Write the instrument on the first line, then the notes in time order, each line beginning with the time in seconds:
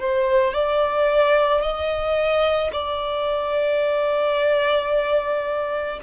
violin
0.00 C5
0.54 D5
1.62 D#5
2.73 D5